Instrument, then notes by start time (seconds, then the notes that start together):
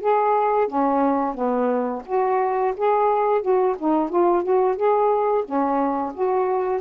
saxophone
0.00 G#4
0.67 C#4
1.34 B3
2.05 F#4
2.76 G#4
3.41 F#4
3.78 D#4
4.09 F4
4.43 F#4
4.75 G#4
5.44 C#4
6.14 F#4